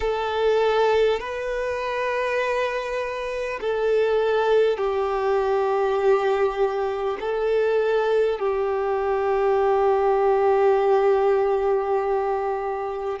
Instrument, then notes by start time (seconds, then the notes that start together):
violin
0.00 A4
1.19 B4
3.60 A4
4.77 G4
7.20 A4
8.39 G4